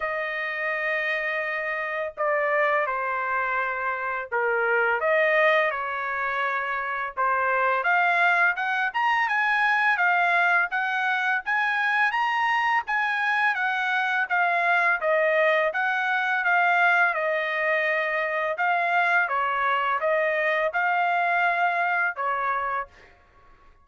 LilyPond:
\new Staff \with { instrumentName = "trumpet" } { \time 4/4 \tempo 4 = 84 dis''2. d''4 | c''2 ais'4 dis''4 | cis''2 c''4 f''4 | fis''8 ais''8 gis''4 f''4 fis''4 |
gis''4 ais''4 gis''4 fis''4 | f''4 dis''4 fis''4 f''4 | dis''2 f''4 cis''4 | dis''4 f''2 cis''4 | }